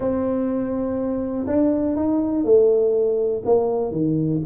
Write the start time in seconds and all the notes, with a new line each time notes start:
0.00 C4
1.46 D4
1.96 D#4
2.44 A3
3.45 A#3
3.91 D#3